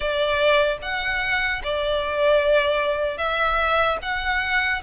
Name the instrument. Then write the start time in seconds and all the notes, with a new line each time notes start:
violin
0.00 D5
0.81 F#5
1.63 D5
3.17 E5
4.01 F#5